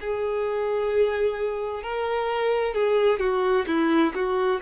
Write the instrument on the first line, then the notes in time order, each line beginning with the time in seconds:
violin
0.00 G#4
1.83 A#4
2.74 G#4
3.19 F#4
3.67 E4
4.14 F#4